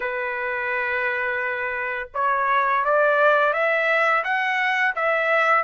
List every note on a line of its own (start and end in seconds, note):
0.00 2.09 B4
2.14 2.84 C#5
2.84 3.53 D5
3.53 4.23 E5
4.24 4.94 F#5
4.95 5.63 E5